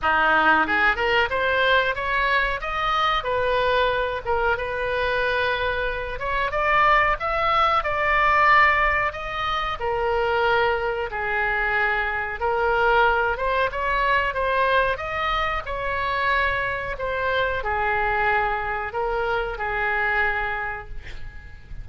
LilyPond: \new Staff \with { instrumentName = "oboe" } { \time 4/4 \tempo 4 = 92 dis'4 gis'8 ais'8 c''4 cis''4 | dis''4 b'4. ais'8 b'4~ | b'4. cis''8 d''4 e''4 | d''2 dis''4 ais'4~ |
ais'4 gis'2 ais'4~ | ais'8 c''8 cis''4 c''4 dis''4 | cis''2 c''4 gis'4~ | gis'4 ais'4 gis'2 | }